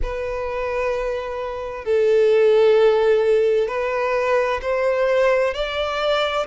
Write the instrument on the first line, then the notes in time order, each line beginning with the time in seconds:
violin
0.02 B4
1.85 A4
3.68 B4
4.62 C5
5.54 D5